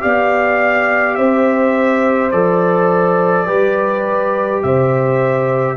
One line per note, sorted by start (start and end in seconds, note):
0.00 1.18 B3
0.00 2.31 G4
0.00 1.18 D5
0.00 1.15 F5
1.15 2.32 C4
1.15 3.46 C5
1.15 2.30 E5
2.31 3.47 F3
2.31 3.46 A4
2.31 4.62 D5
3.46 4.63 G3
3.46 5.77 G4
3.46 4.62 B4
4.62 5.77 C3
4.62 5.77 C5
4.62 5.77 E5